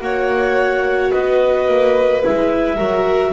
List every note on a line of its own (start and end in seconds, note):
0.00 1.12 A#3
0.00 2.22 F#4
0.00 1.12 C#5
0.00 1.11 F#5
1.11 1.68 B3
1.11 2.76 B4
1.11 2.22 D#5
1.68 2.23 A#3
2.23 2.78 G#3
2.23 2.79 E4
2.23 3.33 E5
2.76 3.33 F#3
2.76 3.33 F#4
2.76 3.31 A#4